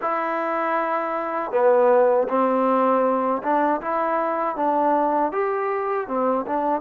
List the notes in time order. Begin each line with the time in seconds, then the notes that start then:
0.01 E4
1.51 B3
2.28 C4
3.42 D4
3.81 E4
4.56 D4
5.32 G4
6.07 C4
6.46 D4